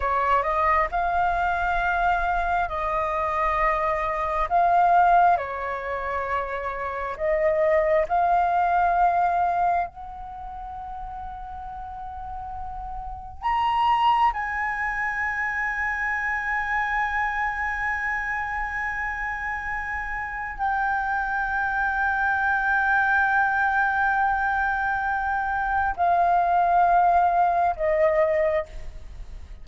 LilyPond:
\new Staff \with { instrumentName = "flute" } { \time 4/4 \tempo 4 = 67 cis''8 dis''8 f''2 dis''4~ | dis''4 f''4 cis''2 | dis''4 f''2 fis''4~ | fis''2. ais''4 |
gis''1~ | gis''2. g''4~ | g''1~ | g''4 f''2 dis''4 | }